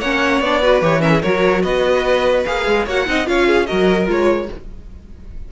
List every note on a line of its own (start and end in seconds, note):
0.00 0.41 A#3
0.00 0.44 C#4
0.00 0.61 C#5
0.00 0.41 F#5
0.41 0.81 B3
0.41 0.62 D4
0.41 0.82 D5
0.61 0.81 F#4
0.61 1.02 B4
0.81 1.22 E3
0.81 1.00 G4
0.81 1.01 C#5
1.00 1.21 C#4
1.00 1.11 A#4
1.00 1.22 E5
1.11 1.22 G#4
1.22 1.63 F#3
1.22 2.46 F#4
1.22 1.62 A#4
1.22 1.62 C#5
1.62 2.45 B3
1.62 2.85 B4
1.62 2.44 D#5
2.46 2.66 A#3
2.46 2.87 G#4
2.46 2.86 F5
2.66 2.86 G#3
2.85 3.07 A#3
2.85 3.06 F#4
2.85 3.05 C#5
2.85 3.27 F#5
3.06 3.27 C4
3.06 3.25 D#4
3.06 3.29 D#5
3.25 3.68 C#4
3.25 3.66 F4
3.25 3.47 C#5
3.25 3.66 F5
3.47 3.67 G#4
3.66 4.08 F#3
3.66 4.06 F#4
3.66 4.49 A#4
3.66 4.07 D#5
4.06 4.49 G#3
4.06 4.47 F4
4.06 4.52 C#5